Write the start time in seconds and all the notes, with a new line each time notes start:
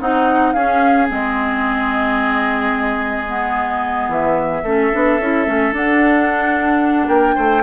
0.00 C4 D#4 F#5
0.52 C#4 G#4 F5
1.08 G#3 C4 D#5
3.27 B3
4.08 E3 E5
4.63 A3 C#4 A4
4.92 B3 D4
5.19 C#4 E4
5.46 A3 C#4
5.72 D4 F#5
7.07 A#3 A#4 G5
7.35 A3 C5